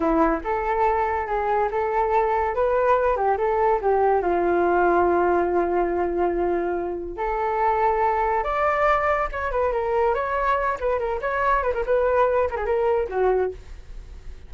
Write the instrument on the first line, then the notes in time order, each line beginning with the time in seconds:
flute
0.00 E4
0.44 A4
1.26 G#4
1.71 A4
2.55 B4
3.16 G4
3.37 A4
3.81 G4
4.22 F4
7.17 A4
8.43 D5
9.32 C#5
9.51 B4
9.72 A#4
10.14 C#5
10.79 B4
10.99 A#4
11.21 C#5
11.62 B4
11.73 A#4
11.85 B4
12.50 A#4
12.56 G#4
12.65 A#4
13.09 F#4